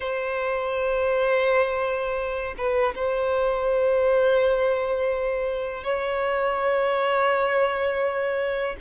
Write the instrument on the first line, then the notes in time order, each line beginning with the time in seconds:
violin
0.00 C5
2.57 B4
2.95 C5
5.83 C#5